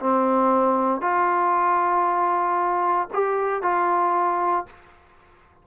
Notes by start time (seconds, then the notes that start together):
0.00 C4
1.01 F4
3.13 G4
3.63 F4